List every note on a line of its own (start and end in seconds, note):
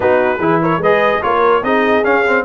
0.00 0.38 B3
0.00 0.38 D#4
0.00 0.40 F#4
0.00 0.61 B4
0.38 0.77 E3
0.38 0.81 E4
0.38 0.60 G#4
0.62 0.81 A#4
0.62 0.82 C#5
0.77 1.18 G#3
0.77 1.22 B4
0.77 1.23 D#5
0.84 1.21 G#4
1.21 1.63 A#3
1.21 1.62 F4
1.21 1.62 A#4
1.21 1.63 C#5
1.62 2.03 C4
1.62 2.03 D#4
1.62 2.44 G#4
1.62 2.04 D#5
2.03 2.23 C#4
2.03 2.44 C#4
2.03 2.45 F5
2.27 2.45 C4